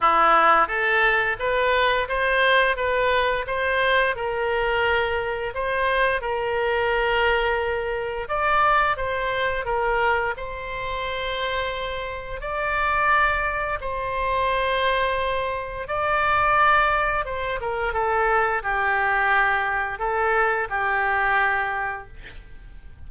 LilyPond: \new Staff \with { instrumentName = "oboe" } { \time 4/4 \tempo 4 = 87 e'4 a'4 b'4 c''4 | b'4 c''4 ais'2 | c''4 ais'2. | d''4 c''4 ais'4 c''4~ |
c''2 d''2 | c''2. d''4~ | d''4 c''8 ais'8 a'4 g'4~ | g'4 a'4 g'2 | }